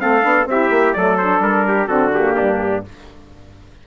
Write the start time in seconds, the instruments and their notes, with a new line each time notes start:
0.00 bassoon A3, saxophone C4, trumpet A4 F5
0.22 bassoon B3, saxophone D4
0.45 bassoon C4, saxophone E4, trumpet G4 E5
0.69 bassoon A#3
0.93 bassoon F#3, saxophone A3, trumpet A4 D5
1.18 saxophone D4, trumpet C5
1.39 bassoon G3, trumpet A#4
1.68 trumpet G4
1.87 bassoon D3, saxophone C4, trumpet F#4 A4
2.13 saxophone A#3, trumpet G4
2.36 bassoon G2, trumpet D4